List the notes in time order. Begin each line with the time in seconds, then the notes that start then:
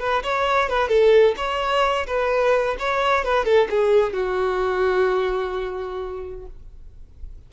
0.00 B4
0.23 C#5
0.69 B4
0.89 A4
1.37 C#5
2.07 B4
2.79 C#5
3.25 B4
3.45 A4
3.70 G#4
4.14 F#4